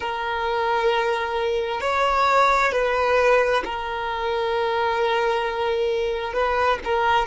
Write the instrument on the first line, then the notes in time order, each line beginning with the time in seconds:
violin
0.00 A#4
1.81 C#5
2.72 B4
3.64 A#4
6.33 B4
6.84 A#4